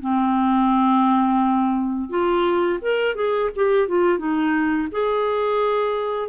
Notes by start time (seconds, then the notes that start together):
0.00 C4
2.09 F4
2.81 A#4
3.15 G#4
3.55 G4
3.88 F4
4.18 D#4
4.91 G#4